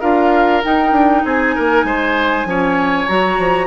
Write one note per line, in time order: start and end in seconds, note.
0.00 0.63 D4
0.00 0.62 F4
0.00 1.22 A#4
0.00 0.62 F5
0.64 2.47 D#4
0.64 0.92 D#4
0.64 1.24 G5
0.92 1.22 D4
1.24 1.55 C4
1.24 1.55 G#4
1.24 3.08 G#5
1.55 1.84 A#3
1.55 1.86 A#4
1.84 2.45 G#3
1.84 2.47 C5
2.45 3.06 F3
2.45 3.08 C#4
2.45 3.67 C#5
3.08 3.38 F#3
3.08 3.67 F#4
3.08 3.67 A#5
3.38 3.67 F3